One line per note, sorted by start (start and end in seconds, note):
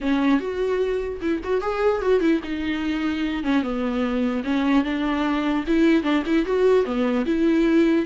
0.01 0.39 C#4
0.39 1.20 F#4
1.21 1.41 E4
1.43 1.61 F#4
1.61 2.01 G#4
2.01 2.20 F#4
2.20 2.40 E4
2.43 3.43 D#4
3.43 3.62 C#4
3.62 4.43 B3
4.43 4.84 C#4
4.84 5.64 D4
5.67 6.03 E4
6.03 6.23 D4
6.26 6.45 E4
6.45 6.85 F#4
6.85 7.25 B3
7.25 8.05 E4